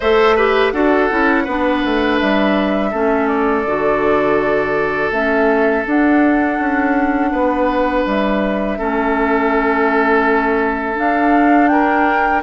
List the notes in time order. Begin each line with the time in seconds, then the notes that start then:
0.00 A3 A4 C5 E5
0.36 G4 B4
0.71 D4 F#4 A4 F#5
1.09 C#4 E4
1.43 B3 D4 B4
1.84 A3
2.18 G3 E5
2.90 A3 C#4 A4
3.27 D5
3.65 D3 F#4
5.11 A3 C#4 E5
5.86 D4 F#5
6.59 C#4
7.31 B3 B4
8.05 G3 E5
8.78 A3 C#4 A4
10.95 D4 F5
11.68 A#4 G5